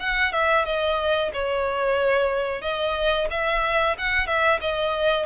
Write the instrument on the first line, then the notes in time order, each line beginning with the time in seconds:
violin
0.00 F#5
0.33 E5
0.66 D#5
1.34 C#5
2.62 D#5
3.31 E5
3.99 F#5
4.27 E5
4.61 D#5